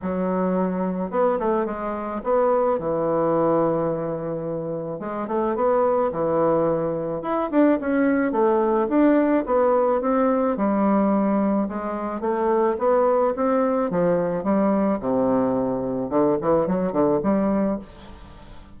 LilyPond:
\new Staff \with { instrumentName = "bassoon" } { \time 4/4 \tempo 4 = 108 fis2 b8 a8 gis4 | b4 e2.~ | e4 gis8 a8 b4 e4~ | e4 e'8 d'8 cis'4 a4 |
d'4 b4 c'4 g4~ | g4 gis4 a4 b4 | c'4 f4 g4 c4~ | c4 d8 e8 fis8 d8 g4 | }